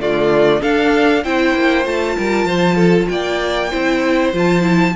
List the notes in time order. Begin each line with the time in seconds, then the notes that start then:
0.00 D3 A3 F4 D5
0.61 D4 A4 F5
1.24 C4 E4 C5 G5
1.55 A#3
1.84 A3 F4 A5
2.18 G3 A#4
2.45 F3 C5
2.76 A4
3.09 A#3 D5 G5
3.70 C4 E4 C5
4.34 F3 F4 A5
4.62 E4